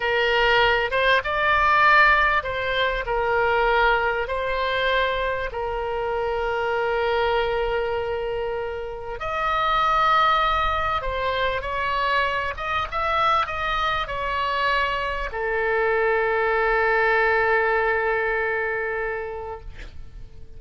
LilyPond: \new Staff \with { instrumentName = "oboe" } { \time 4/4 \tempo 4 = 98 ais'4. c''8 d''2 | c''4 ais'2 c''4~ | c''4 ais'2.~ | ais'2. dis''4~ |
dis''2 c''4 cis''4~ | cis''8 dis''8 e''4 dis''4 cis''4~ | cis''4 a'2.~ | a'1 | }